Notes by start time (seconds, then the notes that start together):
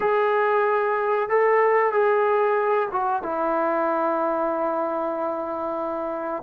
0.00 G#4
1.29 A4
1.92 G#4
2.91 F#4
3.23 E4